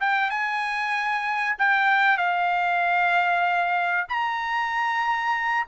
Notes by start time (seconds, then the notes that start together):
0.00 G5
0.30 G#5
1.58 G5
2.17 F5
4.09 A#5